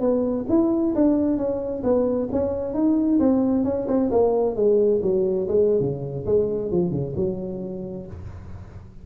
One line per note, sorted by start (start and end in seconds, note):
0.00 0.45 B3
0.49 0.94 E4
0.95 1.37 D4
1.37 1.82 C#4
1.83 2.28 B3
2.32 2.74 C#4
2.74 3.19 D#4
3.19 3.64 C4
3.64 3.87 C#4
3.88 4.10 C4
4.11 4.56 A#3
4.56 5.01 G#3
5.02 5.47 F#3
5.48 5.80 G#3
5.80 6.25 C#3
6.26 6.71 G#3
6.71 6.91 F3
6.91 7.13 C#3
7.16 8.06 F#3